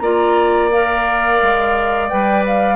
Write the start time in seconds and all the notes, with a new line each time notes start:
0.00 A#3 F4 D5 A#5
0.71 A#4 F5
1.42 G#3
2.09 G3 B4 G5
2.47 F5